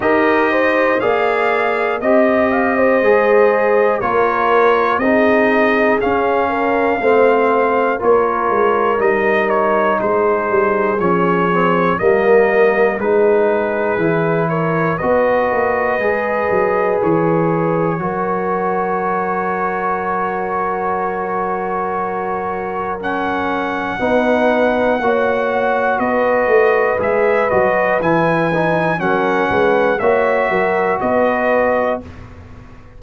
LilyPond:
<<
  \new Staff \with { instrumentName = "trumpet" } { \time 4/4 \tempo 4 = 60 dis''4 f''4 dis''2 | cis''4 dis''4 f''2 | cis''4 dis''8 cis''8 c''4 cis''4 | dis''4 b'4. cis''8 dis''4~ |
dis''4 cis''2.~ | cis''2. fis''4~ | fis''2 dis''4 e''8 dis''8 | gis''4 fis''4 e''4 dis''4 | }
  \new Staff \with { instrumentName = "horn" } { \time 4/4 ais'8 c''8 d''4 dis''8 f''16 c''4~ c''16 | ais'4 gis'4. ais'8 c''4 | ais'2 gis'2 | ais'4 gis'4. ais'8 b'4~ |
b'2 ais'2~ | ais'1 | b'4 cis''4 b'2~ | b'4 ais'8 b'8 cis''8 ais'8 b'4 | }
  \new Staff \with { instrumentName = "trombone" } { \time 4/4 g'4 gis'4 g'4 gis'4 | f'4 dis'4 cis'4 c'4 | f'4 dis'2 cis'8 c'8 | ais4 dis'4 e'4 fis'4 |
gis'2 fis'2~ | fis'2. cis'4 | dis'4 fis'2 gis'8 fis'8 | e'8 dis'8 cis'4 fis'2 | }
  \new Staff \with { instrumentName = "tuba" } { \time 4/4 dis'4 ais4 c'4 gis4 | ais4 c'4 cis'4 a4 | ais8 gis8 g4 gis8 g8 f4 | g4 gis4 e4 b8 ais8 |
gis8 fis8 e4 fis2~ | fis1 | b4 ais4 b8 a8 gis8 fis8 | e4 fis8 gis8 ais8 fis8 b4 | }
>>